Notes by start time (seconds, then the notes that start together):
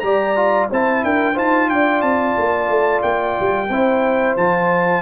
0.00 G3 G4 D5 A#5
0.36 F4
0.70 C4 E4 C5 A5
1.04 D4 A#4 G5
1.34 D#4 F4 C5 A5
1.70 D4 D5 G5
2.02 C4 A5
2.38 A#3
2.69 A3
3.03 A#3 G5
3.40 G3
3.69 C4 E4 C5
4.37 F3 F4 A5